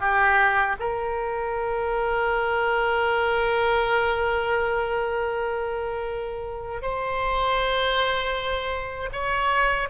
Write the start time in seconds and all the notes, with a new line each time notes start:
0.00 G4
0.80 A#4
6.82 C5
9.12 C#5